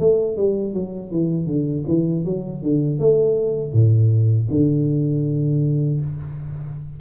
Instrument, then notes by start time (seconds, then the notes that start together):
tuba
0.00 A3
0.37 G3
0.74 F#3
1.11 E3
1.47 D3
1.88 E3
2.25 F#3
2.63 D3
2.99 A3
3.73 A2
4.51 D3